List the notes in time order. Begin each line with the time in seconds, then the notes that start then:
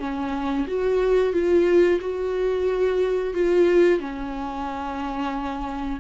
0.00 C#4
0.68 F#4
1.33 F4
2.01 F#4
3.34 F4
4.00 C#4